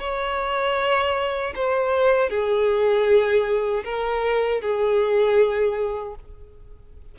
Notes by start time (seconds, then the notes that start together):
0.00 C#5
1.56 C5
2.30 G#4
3.84 A#4
4.61 G#4